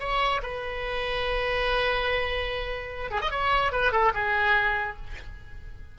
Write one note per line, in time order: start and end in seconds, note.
0.00 0.41 C#5
0.43 3.11 B4
3.11 3.21 G#4
3.21 3.31 D#5
3.31 3.72 C#5
3.72 3.92 B4
3.92 4.13 A4
4.14 4.97 G#4